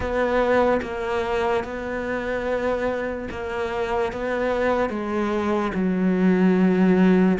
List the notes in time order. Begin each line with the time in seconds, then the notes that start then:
0.00 B3
0.81 A#3
1.64 B3
3.31 A#3
4.12 B3
4.89 G#3
5.74 F#3